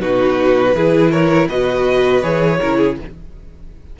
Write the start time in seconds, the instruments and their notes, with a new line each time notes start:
0.00 cello B2, viola D#4, violin F#4 B4
0.74 cello E3, viola E4, violin G#4
1.11 violin A#4 C#5
1.48 cello B2, viola F#4, violin B4 D#5
2.22 cello E3, viola G#4, violin C#5
2.60 cello C#3, viola E4, violin A#4
2.77 violin G#4